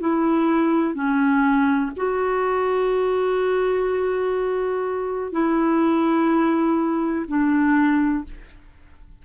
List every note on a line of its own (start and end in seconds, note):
0.00 0.94 E4
0.94 1.91 C#4
1.96 5.32 F#4
5.32 7.25 E4
7.27 8.24 D4